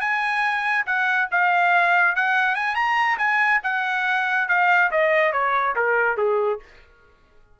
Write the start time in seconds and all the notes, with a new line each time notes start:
0.00 G#5
0.85 F#5
1.31 F5
2.15 F#5
2.55 G#5
2.75 A#5
3.18 G#5
3.63 F#5
4.48 F5
4.91 D#5
5.32 C#5
5.75 A#4
6.17 G#4